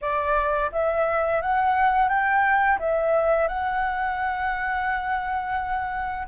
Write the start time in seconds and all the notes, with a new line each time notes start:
0.01 D5
0.72 E5
1.41 F#5
2.08 G5
2.79 E5
3.48 F#5